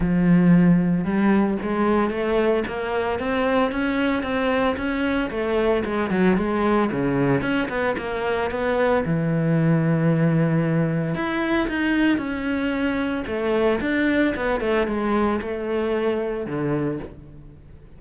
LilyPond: \new Staff \with { instrumentName = "cello" } { \time 4/4 \tempo 4 = 113 f2 g4 gis4 | a4 ais4 c'4 cis'4 | c'4 cis'4 a4 gis8 fis8 | gis4 cis4 cis'8 b8 ais4 |
b4 e2.~ | e4 e'4 dis'4 cis'4~ | cis'4 a4 d'4 b8 a8 | gis4 a2 d4 | }